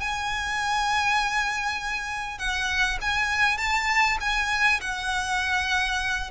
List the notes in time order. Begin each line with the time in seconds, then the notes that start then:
0.00 G#5
2.38 F#5
3.01 G#5
3.58 A5
4.20 G#5
4.81 F#5